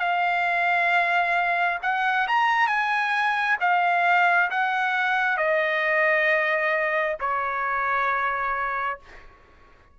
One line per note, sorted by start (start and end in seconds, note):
0.00 1.79 F5
1.83 2.28 F#5
2.28 2.67 A#5
2.67 3.57 G#5
3.61 4.50 F5
4.51 5.38 F#5
5.38 7.17 D#5
7.20 9.00 C#5